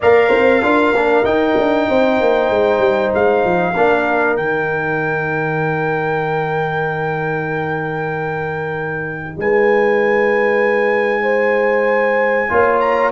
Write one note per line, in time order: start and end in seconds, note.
0.00 0.34 A#3
0.00 0.62 A#4
0.00 0.29 D5
0.00 1.24 F5
0.29 0.62 C4
0.29 0.60 C5
0.62 0.92 D4
0.62 0.94 F4
0.62 1.89 A#4
0.92 1.23 A#3
0.92 1.24 D4
1.24 1.55 D#4
1.24 3.74 D#4
1.24 3.12 G5
1.57 1.88 D4
1.89 2.20 C4
1.89 3.73 C5
2.20 2.50 A#3
2.50 2.78 G#3
2.78 3.10 G3
3.14 3.44 G#3
3.14 4.36 F5
3.44 3.75 F3
3.73 4.37 A#3
3.73 4.37 D4
3.73 9.36 A#4
4.36 9.37 D#3
4.36 12.49 D#4
4.36 9.36 G5
9.37 12.49 G#3
9.37 11.22 B4
9.37 12.80 G#5
11.22 12.47 C5
12.49 13.12 A#3
12.49 13.11 F4
12.49 13.12 C#5
12.80 13.11 A#5